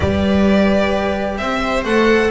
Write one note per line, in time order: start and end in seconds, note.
0.00 1.38 G3
0.00 1.86 G4
0.00 1.37 B4
0.00 1.37 D5
1.37 1.84 C4
1.37 2.30 C5
1.37 1.83 E5
1.84 2.30 A3
1.84 2.30 A4
1.84 2.30 F#5